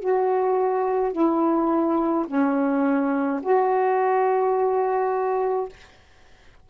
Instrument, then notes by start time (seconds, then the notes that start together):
saxophone
0.00 F#4
1.13 E4
2.27 C#4
3.43 F#4